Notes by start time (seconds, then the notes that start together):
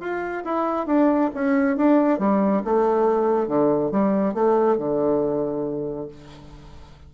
0.00 F4
0.44 E4
0.87 D4
1.34 C#4
1.77 D4
2.19 G3
2.65 A3
3.48 D3
3.91 G3
4.34 A3
4.78 D3